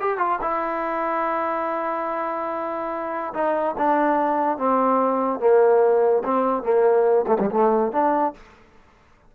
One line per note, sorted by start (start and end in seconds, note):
0.00 0.18 G4
0.18 0.39 F4
0.42 3.33 E4
3.34 3.75 D#4
3.78 4.58 D4
4.58 5.40 C4
5.40 6.23 A#3
6.24 6.63 C4
6.63 7.26 A#3
7.27 7.38 A3
7.40 7.50 G3
7.51 7.92 A3
7.92 8.34 D4